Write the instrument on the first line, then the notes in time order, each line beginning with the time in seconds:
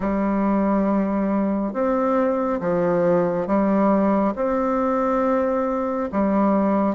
bassoon
0.00 G3
1.73 C4
2.60 F3
3.47 G3
4.35 C4
6.11 G3